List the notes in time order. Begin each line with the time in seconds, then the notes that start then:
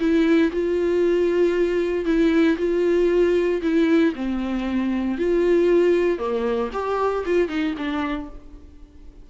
0.00 E4
0.52 F4
2.05 E4
2.58 F4
3.62 E4
4.15 C4
5.18 F4
6.19 A#3
6.73 G4
7.26 F4
7.49 D#4
7.78 D4